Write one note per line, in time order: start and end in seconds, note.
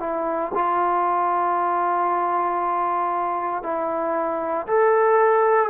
0.00 0.52 E4
0.55 3.63 F4
3.63 4.67 E4
4.67 5.70 A4